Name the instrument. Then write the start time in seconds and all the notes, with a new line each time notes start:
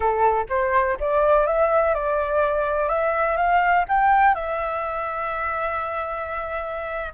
flute
0.00 A4
0.49 C5
0.99 D5
1.46 E5
1.94 D5
2.88 E5
3.37 F5
3.88 G5
4.34 E5